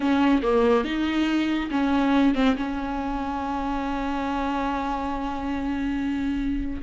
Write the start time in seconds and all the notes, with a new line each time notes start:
0.00 C#4
0.42 A#3
0.84 D#4
1.70 C#4
2.34 C4
2.56 C#4